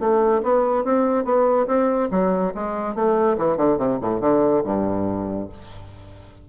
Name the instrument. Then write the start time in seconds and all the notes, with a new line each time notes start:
bassoon
0.00 A3
0.43 B3
0.85 C4
1.25 B3
1.67 C4
2.11 F#3
2.55 G#3
2.95 A3
3.38 E3
3.57 D3
3.78 C3
4.01 A2
4.21 D3
4.65 G2